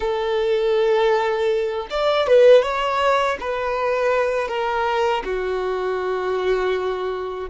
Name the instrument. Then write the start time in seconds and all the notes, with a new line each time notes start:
violin
0.00 A4
1.90 D5
2.27 B4
2.62 C#5
3.40 B4
4.48 A#4
5.24 F#4